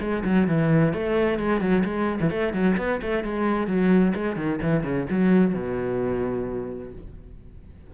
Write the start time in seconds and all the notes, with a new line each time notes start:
0.00 G#3
0.24 F#3
0.47 E3
0.93 A3
1.39 G#3
1.60 F#3
1.84 G#3
2.20 E3
2.30 A3
2.53 F#3
2.77 B3
3.02 A3
3.23 G#3
3.67 F#3
4.14 G#3
4.36 D#3
4.62 E3
4.83 C#3
5.10 F#3
5.54 B2